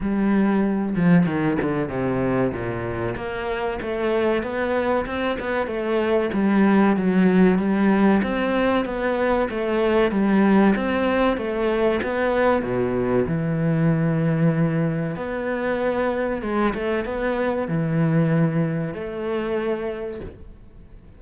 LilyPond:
\new Staff \with { instrumentName = "cello" } { \time 4/4 \tempo 4 = 95 g4. f8 dis8 d8 c4 | ais,4 ais4 a4 b4 | c'8 b8 a4 g4 fis4 | g4 c'4 b4 a4 |
g4 c'4 a4 b4 | b,4 e2. | b2 gis8 a8 b4 | e2 a2 | }